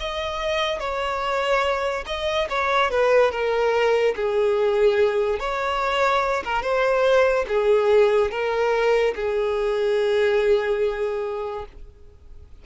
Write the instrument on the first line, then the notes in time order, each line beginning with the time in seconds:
violin
0.00 D#5
0.80 C#5
2.06 D#5
2.50 C#5
2.91 B4
3.32 A#4
4.16 G#4
5.39 C#5
6.45 A#4
6.62 C5
7.48 G#4
8.31 A#4
9.16 G#4